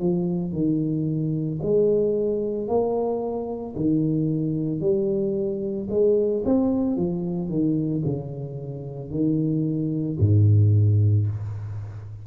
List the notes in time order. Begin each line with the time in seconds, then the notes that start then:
0.00 F3
0.53 D#3
1.63 G#3
2.68 A#3
3.76 D#3
4.81 G3
5.90 G#3
6.46 C4
6.97 F3
7.50 D#3
8.06 C#3
9.11 D#3
10.20 G#2